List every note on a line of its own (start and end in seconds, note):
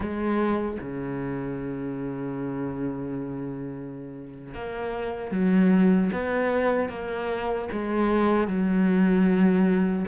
0.00 0.78 G#3
0.80 4.54 C#3
4.54 5.31 A#3
5.31 6.10 F#3
6.12 6.89 B3
6.89 7.68 A#3
7.72 8.47 G#3
8.47 10.05 F#3